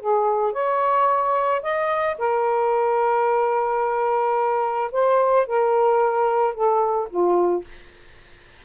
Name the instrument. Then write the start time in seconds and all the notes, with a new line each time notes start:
saxophone
0.00 G#4
0.53 C#5
1.62 D#5
2.19 A#4
4.92 C5
5.47 A#4
6.54 A4
7.10 F4